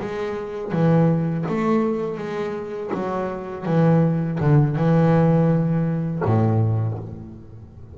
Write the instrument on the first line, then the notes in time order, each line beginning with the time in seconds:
double bass
0.00 G#3
0.72 E3
1.49 A3
2.18 G#3
2.94 F#3
3.66 E3
4.40 D3
4.76 E3
6.25 A2